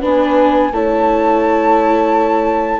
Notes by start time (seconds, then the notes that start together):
0.00 B3 D4 B4 G#5
0.72 A3 E4 C#5 A5